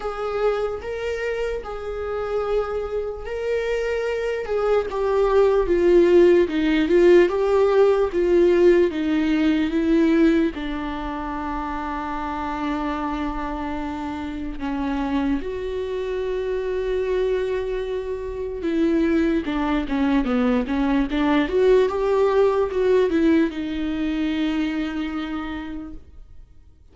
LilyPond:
\new Staff \with { instrumentName = "viola" } { \time 4/4 \tempo 4 = 74 gis'4 ais'4 gis'2 | ais'4. gis'8 g'4 f'4 | dis'8 f'8 g'4 f'4 dis'4 | e'4 d'2.~ |
d'2 cis'4 fis'4~ | fis'2. e'4 | d'8 cis'8 b8 cis'8 d'8 fis'8 g'4 | fis'8 e'8 dis'2. | }